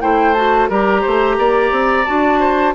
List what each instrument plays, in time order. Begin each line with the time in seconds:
0.00 bassoon A3, clarinet E4, oboe C5, flute G5
0.34 clarinet F#4, flute A5
0.69 bassoon G3, clarinet G4, oboe A#4, flute A#5
1.01 bassoon A3, oboe C5
1.38 bassoon A#3, oboe D5
1.71 bassoon C4
2.05 bassoon D4, clarinet F#4, flute A5
2.39 oboe C5